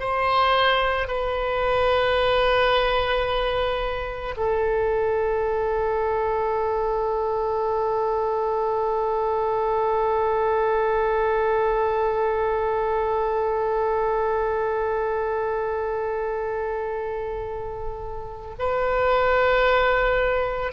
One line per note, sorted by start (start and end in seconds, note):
0.00 1.08 C5
1.08 4.35 B4
4.37 18.56 A4
18.59 20.73 B4